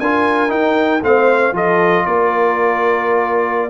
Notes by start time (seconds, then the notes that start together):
0.00 D4 F4 A#4 G#5
0.49 D#4 G5
1.02 A3 C4 C5 F5
1.53 F3 F4 A4 D#5
2.06 A#3 A#4 D5